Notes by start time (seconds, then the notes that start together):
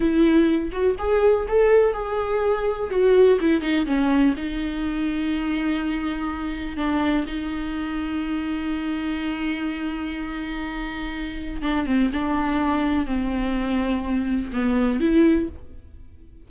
0.00 E4
0.71 F#4
0.98 G#4
1.48 A4
1.93 G#4
2.90 F#4
3.40 E4
3.61 D#4
3.86 C#4
4.37 D#4
6.76 D4
7.26 D#4
11.62 D4
11.86 C4
12.13 D4
13.05 C4
14.52 B3
15.00 E4